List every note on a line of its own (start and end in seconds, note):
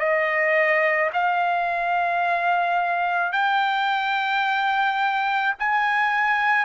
0.00 1.11 D#5
1.14 3.33 F5
3.33 5.55 G5
5.60 6.66 G#5